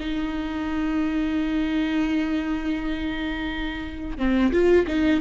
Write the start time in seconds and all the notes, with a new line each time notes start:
0.00 D#4
4.18 C4
4.53 F4
4.88 D#4